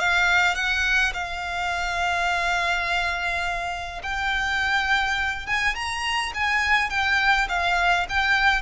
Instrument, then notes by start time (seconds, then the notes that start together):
violin
0.00 F5
0.55 F#5
1.14 F5
4.04 G5
5.47 G#5
5.75 A#5
6.35 G#5
6.90 G5
7.49 F5
8.09 G5